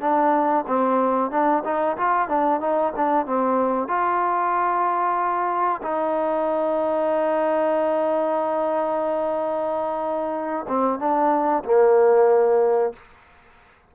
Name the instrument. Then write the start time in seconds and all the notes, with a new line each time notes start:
trombone
0.00 D4
0.67 C4
1.30 D4
1.64 D#4
1.97 F4
2.28 D4
2.60 D#4
2.96 D4
3.26 C4
3.88 F4
5.82 D#4
10.68 C4
10.99 D4
11.64 A#3